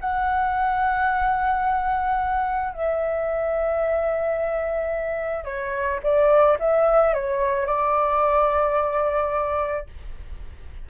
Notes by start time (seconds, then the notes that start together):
0.00 F#5
2.73 E5
5.44 C#5
6.03 D5
6.59 E5
7.14 C#5
7.66 D5